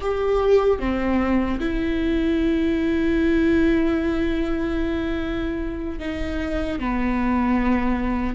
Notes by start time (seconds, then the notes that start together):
0.00 G4
0.79 C4
1.60 E4
5.99 D#4
6.79 B3